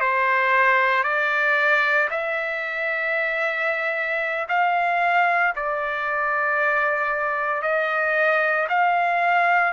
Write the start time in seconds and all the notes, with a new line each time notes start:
0.00 C5
1.03 D5
2.11 E5
4.48 F5
5.56 D5
7.62 D#5
8.69 F5